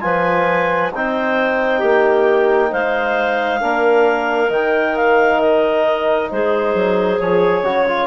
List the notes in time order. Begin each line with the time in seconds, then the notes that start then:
0.00 F3 F4 B4 G#5
0.94 C4 D#4 C5 G5
1.79 A#3 G4
2.69 G#3 C5 F5
3.60 A#3 D4 A#4
4.49 D#3 D#4 G5
4.96 F5
5.40 D#5
6.30 G#3 G#4 C5
6.74 F#3
7.19 F3 G#4 C#5
7.61 C#3 F#4 C#5
7.87 F4